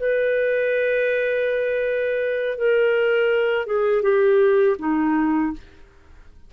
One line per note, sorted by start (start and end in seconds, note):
0.00 2.58 B4
2.58 3.67 A#4
3.67 4.03 G#4
4.03 4.77 G4
4.79 5.53 D#4